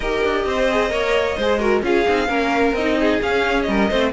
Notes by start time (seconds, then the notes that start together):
0.00 D#4 G4 A#4 D#5
0.23 D4
0.45 C4 C5
0.70 G#4
0.89 A#3 A#4 C#5
1.37 G#3 G#4 C5
1.59 F#4 A#4
1.82 C#4 F4 G#4 F5
2.07 C4 D#4
2.28 A#3 C#4 A#4
2.72 C4 D#4 D#5
2.99 G#4
3.20 C#4 F5
3.62 G3 D#5
3.69 A#4
3.90 A3 C4 C5